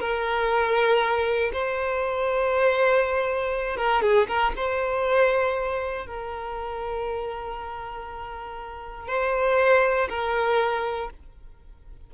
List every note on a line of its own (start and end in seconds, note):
0.00 1.51 A#4
1.53 3.77 C5
3.77 4.02 A#4
4.02 4.27 G#4
4.28 4.53 A#4
4.57 6.06 C5
6.06 9.08 A#4
9.08 10.09 C5
10.09 11.10 A#4